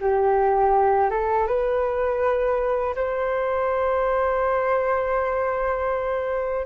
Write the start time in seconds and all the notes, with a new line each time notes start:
0.00 G4
1.10 A4
1.46 B4
2.95 C5